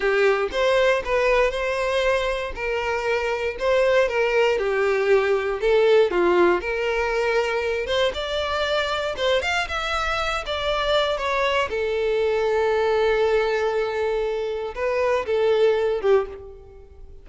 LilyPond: \new Staff \with { instrumentName = "violin" } { \time 4/4 \tempo 4 = 118 g'4 c''4 b'4 c''4~ | c''4 ais'2 c''4 | ais'4 g'2 a'4 | f'4 ais'2~ ais'8 c''8 |
d''2 c''8 f''8 e''4~ | e''8 d''4. cis''4 a'4~ | a'1~ | a'4 b'4 a'4. g'8 | }